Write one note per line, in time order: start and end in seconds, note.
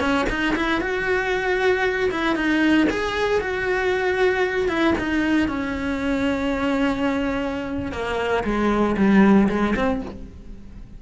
0.00 0.26 C#4
0.30 0.55 D#4
0.56 0.81 E4
0.81 2.10 F#4
2.11 2.36 E4
2.36 2.87 D#4
2.90 3.41 G#4
3.41 4.68 F#4
4.68 4.94 E4
4.99 5.48 D#4
5.48 7.92 C#4
7.92 8.44 A#3
8.44 8.96 G#3
8.97 9.48 G3
9.49 9.75 G#3
9.76 10.02 C4